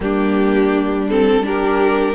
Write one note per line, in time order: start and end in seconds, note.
0.00 2.14 G3
0.00 1.07 A#3
0.00 1.46 D4
0.00 1.09 G4
1.09 1.42 C4
1.09 1.45 A4
1.42 2.14 D4
1.42 2.14 G4
1.42 2.14 A#4